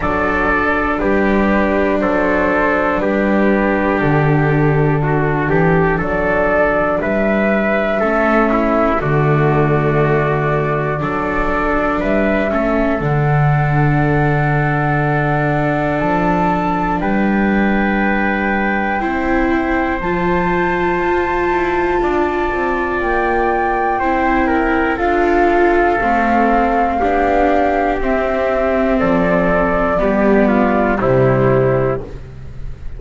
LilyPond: <<
  \new Staff \with { instrumentName = "flute" } { \time 4/4 \tempo 4 = 60 d''4 b'4 c''4 b'4 | a'2 d''4 e''4~ | e''4 d''2. | e''4 fis''2. |
a''4 g''2. | a''2. g''4~ | g''4 f''2. | e''4 d''2 c''4 | }
  \new Staff \with { instrumentName = "trumpet" } { \time 4/4 a'4 g'4 a'4 g'4~ | g'4 fis'8 g'8 a'4 b'4 | a'8 e'8 fis'2 a'4 | b'8 a'2.~ a'8~ |
a'4 b'2 c''4~ | c''2 d''2 | c''8 ais'8 a'2 g'4~ | g'4 a'4 g'8 f'8 e'4 | }
  \new Staff \with { instrumentName = "viola" } { \time 4/4 d'1~ | d'1 | cis'4 a2 d'4~ | d'8 cis'8 d'2.~ |
d'2. e'4 | f'1 | e'4 f'4 c'4 d'4 | c'2 b4 g4 | }
  \new Staff \with { instrumentName = "double bass" } { \time 4/4 fis4 g4 fis4 g4 | d4. e8 fis4 g4 | a4 d2 fis4 | g8 a8 d2. |
f4 g2 c'4 | f4 f'8 e'8 d'8 c'8 ais4 | c'4 d'4 a4 b4 | c'4 f4 g4 c4 | }
>>